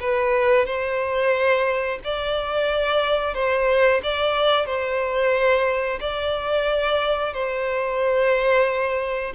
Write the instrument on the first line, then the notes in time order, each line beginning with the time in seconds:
violin
0.00 B4
0.66 C5
2.04 D5
3.34 C5
4.03 D5
4.66 C5
6.00 D5
7.33 C5